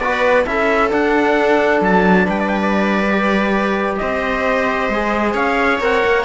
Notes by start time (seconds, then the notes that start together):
0.00 B3 F#4 B4 D5
0.47 C#4 E4 A4 E5
0.89 D4 F#5
1.81 F#3 A5
2.27 G3 B4 G5
2.40 D5
2.49 G5
2.62 D5
3.11 G4
3.97 C4 C5 D#5
4.89 G#3 G#4
5.34 C#4 C#5 F5
5.81 C4 A#4 F#5
6.05 A#3